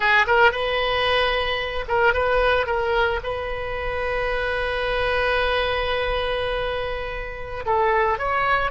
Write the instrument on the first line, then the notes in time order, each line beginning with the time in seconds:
oboe
0.00 G#4
0.26 A#4
0.51 B4
1.88 A#4
2.13 B4
2.66 A#4
3.23 B4
7.65 A4
8.18 C#5